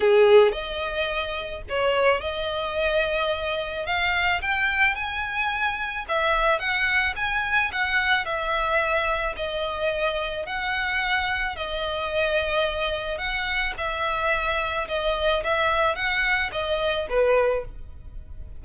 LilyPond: \new Staff \with { instrumentName = "violin" } { \time 4/4 \tempo 4 = 109 gis'4 dis''2 cis''4 | dis''2. f''4 | g''4 gis''2 e''4 | fis''4 gis''4 fis''4 e''4~ |
e''4 dis''2 fis''4~ | fis''4 dis''2. | fis''4 e''2 dis''4 | e''4 fis''4 dis''4 b'4 | }